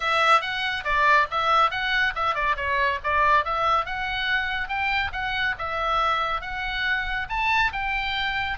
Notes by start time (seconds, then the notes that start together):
0.00 E5
0.41 F#5
0.84 D5
1.30 E5
1.70 F#5
2.15 E5
2.34 D5
2.56 C#5
3.03 D5
3.44 E5
3.85 F#5
4.68 G5
5.12 F#5
5.58 E5
6.41 F#5
7.29 A5
7.72 G5